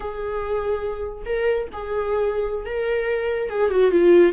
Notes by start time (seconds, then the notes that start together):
0.00 G#4
1.25 A#4
1.72 G#4
2.65 A#4
3.49 G#4
3.70 F#4
3.91 F4